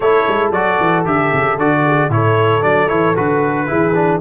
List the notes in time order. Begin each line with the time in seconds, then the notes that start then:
0.00 A3 E4 A4 C#5
0.27 G#3
0.51 F#3 F#4 D5
0.79 E3
1.05 D3 G4 E5
1.32 C#3
1.58 D3 F#4 D5
1.85 G#4
2.09 A2 E4 A4 C#5
2.61 F#3 D4 D5
2.87 E3 E4 C#5
3.15 D3 F#4 B4
3.67 E3 E4 G#4
3.94 D4